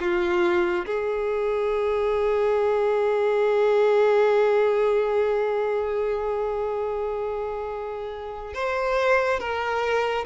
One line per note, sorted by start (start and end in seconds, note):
0.00 0.86 F4
0.86 8.54 G#4
8.54 9.39 C5
9.39 10.25 A#4